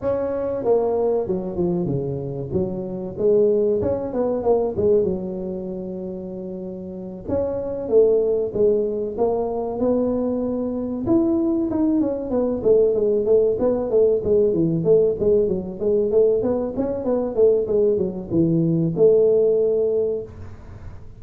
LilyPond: \new Staff \with { instrumentName = "tuba" } { \time 4/4 \tempo 4 = 95 cis'4 ais4 fis8 f8 cis4 | fis4 gis4 cis'8 b8 ais8 gis8 | fis2.~ fis8 cis'8~ | cis'8 a4 gis4 ais4 b8~ |
b4. e'4 dis'8 cis'8 b8 | a8 gis8 a8 b8 a8 gis8 e8 a8 | gis8 fis8 gis8 a8 b8 cis'8 b8 a8 | gis8 fis8 e4 a2 | }